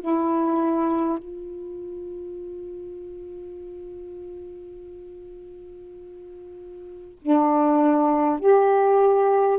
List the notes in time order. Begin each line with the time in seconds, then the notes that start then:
0.00 E4
1.18 F4
7.22 D4
8.39 G4